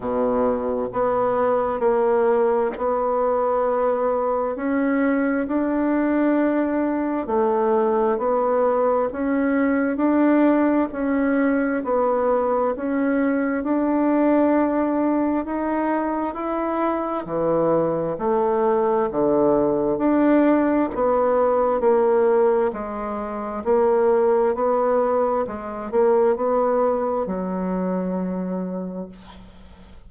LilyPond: \new Staff \with { instrumentName = "bassoon" } { \time 4/4 \tempo 4 = 66 b,4 b4 ais4 b4~ | b4 cis'4 d'2 | a4 b4 cis'4 d'4 | cis'4 b4 cis'4 d'4~ |
d'4 dis'4 e'4 e4 | a4 d4 d'4 b4 | ais4 gis4 ais4 b4 | gis8 ais8 b4 fis2 | }